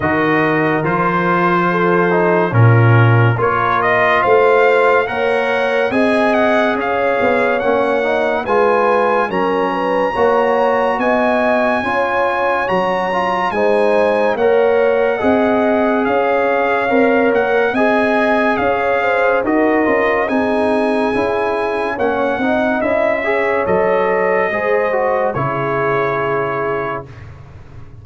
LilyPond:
<<
  \new Staff \with { instrumentName = "trumpet" } { \time 4/4 \tempo 4 = 71 dis''4 c''2 ais'4 | cis''8 dis''8 f''4 fis''4 gis''8 fis''8 | f''4 fis''4 gis''4 ais''4~ | ais''4 gis''2 ais''4 |
gis''4 fis''2 f''4~ | f''8 fis''8 gis''4 f''4 dis''4 | gis''2 fis''4 e''4 | dis''2 cis''2 | }
  \new Staff \with { instrumentName = "horn" } { \time 4/4 ais'2 a'4 f'4 | ais'4 c''4 cis''4 dis''4 | cis''2 b'4 ais'8 b'8 | cis''4 dis''4 cis''2 |
c''4 cis''4 dis''4 cis''4~ | cis''4 dis''4 cis''8 c''8 ais'4 | gis'2 cis''8 dis''4 cis''8~ | cis''4 c''4 gis'2 | }
  \new Staff \with { instrumentName = "trombone" } { \time 4/4 fis'4 f'4. dis'8 cis'4 | f'2 ais'4 gis'4~ | gis'4 cis'8 dis'8 f'4 cis'4 | fis'2 f'4 fis'8 f'8 |
dis'4 ais'4 gis'2 | ais'4 gis'2 fis'8 f'8 | dis'4 e'4 cis'8 dis'8 e'8 gis'8 | a'4 gis'8 fis'8 e'2 | }
  \new Staff \with { instrumentName = "tuba" } { \time 4/4 dis4 f2 ais,4 | ais4 a4 ais4 c'4 | cis'8 b8 ais4 gis4 fis4 | ais4 b4 cis'4 fis4 |
gis4 ais4 c'4 cis'4 | c'8 ais8 c'4 cis'4 dis'8 cis'8 | c'4 cis'4 ais8 c'8 cis'4 | fis4 gis4 cis2 | }
>>